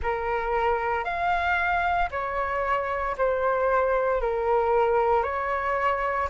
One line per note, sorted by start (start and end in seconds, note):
0.02 1.04 A#4
1.04 2.09 F5
2.11 3.16 C#5
3.17 4.21 C5
4.21 5.23 A#4
5.23 6.28 C#5